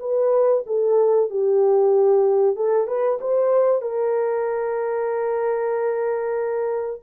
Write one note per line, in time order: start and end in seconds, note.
0.00 0.64 B4
0.67 1.31 A4
1.31 2.56 G4
2.56 2.88 A4
2.88 3.19 B4
3.21 3.82 C5
3.82 7.01 A#4